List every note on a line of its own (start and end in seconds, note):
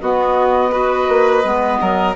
0.00 1.08 B3
0.00 0.71 B3
0.00 0.71 F#4
0.00 2.14 D#5
0.71 1.42 F#4
0.71 1.78 B4
1.08 1.43 A#3
1.43 1.79 G#3
1.43 2.15 B3
1.80 2.15 F#3
1.80 2.15 A#4